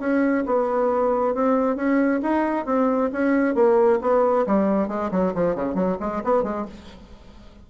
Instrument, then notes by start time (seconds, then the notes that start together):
bassoon
0.00 C#4
0.46 B3
1.35 C4
1.76 C#4
2.23 D#4
2.66 C4
3.13 C#4
3.55 A#3
4.01 B3
4.47 G3
4.88 G#3
5.12 F#3
5.35 F3
5.55 C#3
5.75 F#3
6.00 G#3
6.24 B3
6.43 G#3